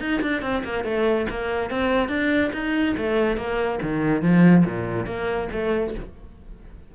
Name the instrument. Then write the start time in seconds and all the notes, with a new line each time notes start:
cello
0.00 D#4
0.22 D4
0.42 C4
0.64 A#3
0.84 A3
1.30 A#3
1.70 C4
2.09 D4
2.53 D#4
2.98 A3
3.37 A#3
3.82 D#3
4.22 F3
4.65 A#2
5.06 A#3
5.52 A3